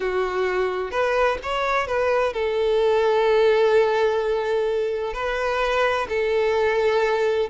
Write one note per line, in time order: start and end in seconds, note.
0.00 0.91 F#4
0.91 1.38 B4
1.42 1.87 C#5
1.87 2.33 B4
2.33 5.13 A4
5.13 6.07 B4
6.09 7.49 A4